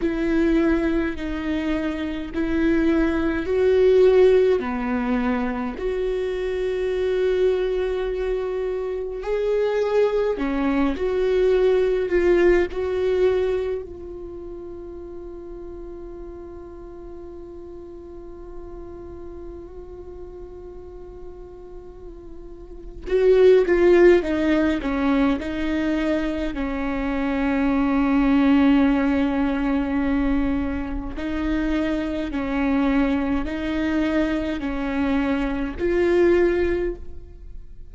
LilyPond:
\new Staff \with { instrumentName = "viola" } { \time 4/4 \tempo 4 = 52 e'4 dis'4 e'4 fis'4 | b4 fis'2. | gis'4 cis'8 fis'4 f'8 fis'4 | f'1~ |
f'1 | fis'8 f'8 dis'8 cis'8 dis'4 cis'4~ | cis'2. dis'4 | cis'4 dis'4 cis'4 f'4 | }